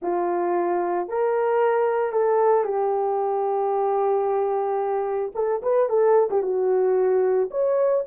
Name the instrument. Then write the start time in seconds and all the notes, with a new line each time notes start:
horn
0.02 F4
1.08 A#4
2.12 A4
2.63 G4
5.34 A4
5.62 B4
5.89 A4
6.30 G4
6.42 F#4
7.50 C#5